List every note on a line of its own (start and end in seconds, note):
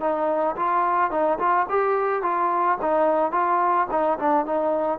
0.00 0.56 D#4
0.56 1.11 F4
1.11 1.39 D#4
1.39 1.67 F4
1.69 2.22 G4
2.22 2.78 F4
2.82 3.32 D#4
3.32 3.87 F4
3.91 4.19 D#4
4.19 4.46 D4
4.46 4.99 D#4